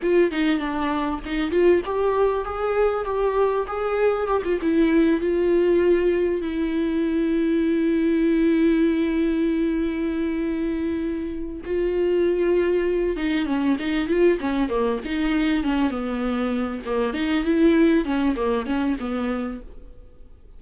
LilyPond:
\new Staff \with { instrumentName = "viola" } { \time 4/4 \tempo 4 = 98 f'8 dis'8 d'4 dis'8 f'8 g'4 | gis'4 g'4 gis'4 g'16 f'16 e'8~ | e'8 f'2 e'4.~ | e'1~ |
e'2. f'4~ | f'4. dis'8 cis'8 dis'8 f'8 cis'8 | ais8 dis'4 cis'8 b4. ais8 | dis'8 e'4 cis'8 ais8 cis'8 b4 | }